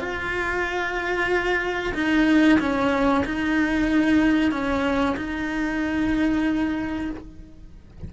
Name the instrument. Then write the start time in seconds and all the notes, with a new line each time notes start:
cello
0.00 F4
1.95 D#4
2.60 C#4
3.26 D#4
4.52 C#4
5.17 D#4